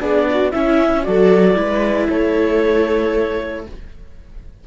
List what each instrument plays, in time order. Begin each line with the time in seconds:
0.00 cello B3, viola D4 G#4, clarinet D5
0.30 viola F#4
0.51 viola C#4 E4, cello C#4, clarinet E5
1.03 cello F#3, viola F#4 A4, clarinet D5
1.55 cello G#3, viola E4 B4
2.10 cello A3, viola A4, clarinet C#5